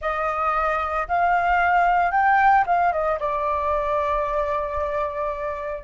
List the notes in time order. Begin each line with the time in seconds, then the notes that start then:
0.01 D#5
1.08 F5
2.11 G5
2.66 F5
2.92 D#5
3.19 D5